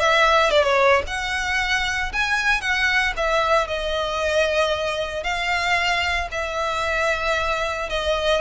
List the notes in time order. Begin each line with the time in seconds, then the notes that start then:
0.00 E5
0.51 D5
0.63 C#5
1.07 F#5
2.13 G#5
2.61 F#5
3.17 E5
3.68 D#5
5.24 F5
6.32 E5
7.90 D#5